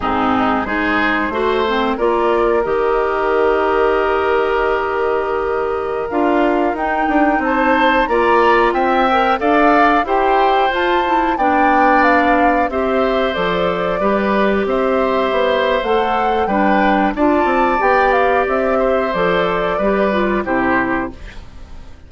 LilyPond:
<<
  \new Staff \with { instrumentName = "flute" } { \time 4/4 \tempo 4 = 91 gis'4 c''2 d''4 | dis''1~ | dis''4~ dis''16 f''4 g''4 a''8.~ | a''16 ais''4 g''4 f''4 g''8.~ |
g''16 a''4 g''4 f''4 e''8.~ | e''16 d''2 e''4.~ e''16 | fis''4 g''4 a''4 g''8 f''8 | e''4 d''2 c''4 | }
  \new Staff \with { instrumentName = "oboe" } { \time 4/4 dis'4 gis'4 c''4 ais'4~ | ais'1~ | ais'2.~ ais'16 c''8.~ | c''16 d''4 e''4 d''4 c''8.~ |
c''4~ c''16 d''2 c''8.~ | c''4~ c''16 b'4 c''4.~ c''16~ | c''4 b'4 d''2~ | d''8 c''4. b'4 g'4 | }
  \new Staff \with { instrumentName = "clarinet" } { \time 4/4 c'4 dis'4 fis'8 c'8 f'4 | g'1~ | g'4~ g'16 f'4 dis'4.~ dis'16~ | dis'16 f'4. ais'8 a'4 g'8.~ |
g'16 f'8 e'8 d'2 g'8.~ | g'16 a'4 g'2~ g'8. | a'4 d'4 f'4 g'4~ | g'4 a'4 g'8 f'8 e'4 | }
  \new Staff \with { instrumentName = "bassoon" } { \time 4/4 gis,4 gis4 a4 ais4 | dis1~ | dis4~ dis16 d'4 dis'8 d'8 c'8.~ | c'16 ais4 c'4 d'4 e'8.~ |
e'16 f'4 b2 c'8.~ | c'16 f4 g4 c'4 b8. | a4 g4 d'8 c'8 b4 | c'4 f4 g4 c4 | }
>>